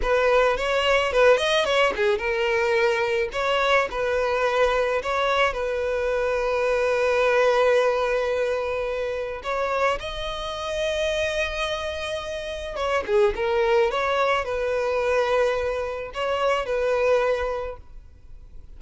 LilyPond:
\new Staff \with { instrumentName = "violin" } { \time 4/4 \tempo 4 = 108 b'4 cis''4 b'8 dis''8 cis''8 gis'8 | ais'2 cis''4 b'4~ | b'4 cis''4 b'2~ | b'1~ |
b'4 cis''4 dis''2~ | dis''2. cis''8 gis'8 | ais'4 cis''4 b'2~ | b'4 cis''4 b'2 | }